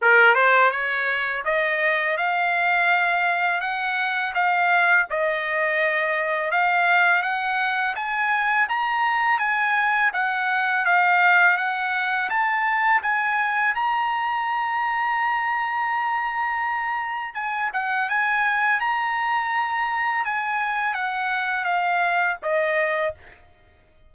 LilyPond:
\new Staff \with { instrumentName = "trumpet" } { \time 4/4 \tempo 4 = 83 ais'8 c''8 cis''4 dis''4 f''4~ | f''4 fis''4 f''4 dis''4~ | dis''4 f''4 fis''4 gis''4 | ais''4 gis''4 fis''4 f''4 |
fis''4 a''4 gis''4 ais''4~ | ais''1 | gis''8 fis''8 gis''4 ais''2 | gis''4 fis''4 f''4 dis''4 | }